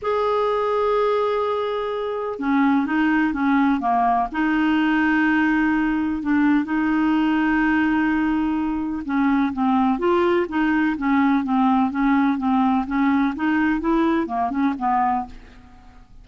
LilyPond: \new Staff \with { instrumentName = "clarinet" } { \time 4/4 \tempo 4 = 126 gis'1~ | gis'4 cis'4 dis'4 cis'4 | ais4 dis'2.~ | dis'4 d'4 dis'2~ |
dis'2. cis'4 | c'4 f'4 dis'4 cis'4 | c'4 cis'4 c'4 cis'4 | dis'4 e'4 ais8 cis'8 b4 | }